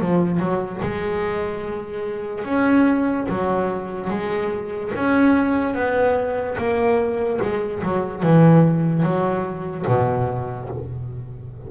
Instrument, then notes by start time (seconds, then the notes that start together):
double bass
0.00 F3
0.40 F#3
0.82 G#3
2.45 C#4
3.29 F#3
4.10 G#3
4.95 C#4
5.74 B3
6.58 A#3
7.42 G#3
7.83 F#3
8.23 E3
9.03 F#3
9.87 B2